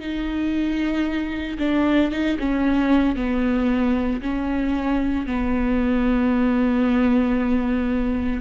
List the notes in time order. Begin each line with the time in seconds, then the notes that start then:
0.00 D#4
1.59 D4
2.11 D#4
2.39 C#4
3.16 B3
4.22 C#4
5.27 B3